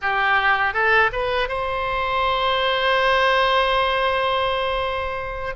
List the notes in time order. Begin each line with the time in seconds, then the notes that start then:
0.01 G4
0.73 A4
1.12 B4
1.48 C5